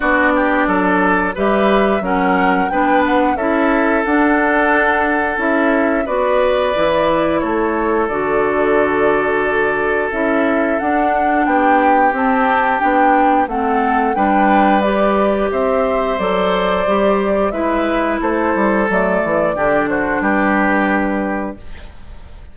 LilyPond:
<<
  \new Staff \with { instrumentName = "flute" } { \time 4/4 \tempo 4 = 89 d''2 e''4 fis''4 | g''8 fis''8 e''4 fis''2 | e''4 d''2 cis''4 | d''2. e''4 |
fis''4 g''4 a''4 g''4 | fis''4 g''4 d''4 e''4 | d''2 e''4 c''4 | d''4. c''8 b'2 | }
  \new Staff \with { instrumentName = "oboe" } { \time 4/4 fis'8 g'8 a'4 b'4 ais'4 | b'4 a'2.~ | a'4 b'2 a'4~ | a'1~ |
a'4 g'2. | a'4 b'2 c''4~ | c''2 b'4 a'4~ | a'4 g'8 fis'8 g'2 | }
  \new Staff \with { instrumentName = "clarinet" } { \time 4/4 d'2 g'4 cis'4 | d'4 e'4 d'2 | e'4 fis'4 e'2 | fis'2. e'4 |
d'2 c'4 d'4 | c'4 d'4 g'2 | a'4 g'4 e'2 | a4 d'2. | }
  \new Staff \with { instrumentName = "bassoon" } { \time 4/4 b4 fis4 g4 fis4 | b4 cis'4 d'2 | cis'4 b4 e4 a4 | d2. cis'4 |
d'4 b4 c'4 b4 | a4 g2 c'4 | fis4 g4 gis4 a8 g8 | fis8 e8 d4 g2 | }
>>